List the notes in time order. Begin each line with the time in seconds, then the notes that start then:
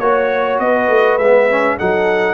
0.00 A#3 F#4 C#5
0.60 B3 B4 D#5
0.89 A3
1.18 G#3 B3 E5
1.50 C#4
1.78 F#3 D#4 A4 F#5